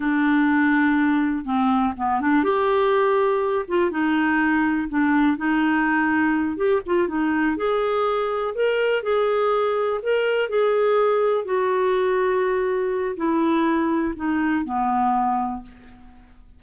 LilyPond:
\new Staff \with { instrumentName = "clarinet" } { \time 4/4 \tempo 4 = 123 d'2. c'4 | b8 d'8 g'2~ g'8 f'8 | dis'2 d'4 dis'4~ | dis'4. g'8 f'8 dis'4 gis'8~ |
gis'4. ais'4 gis'4.~ | gis'8 ais'4 gis'2 fis'8~ | fis'2. e'4~ | e'4 dis'4 b2 | }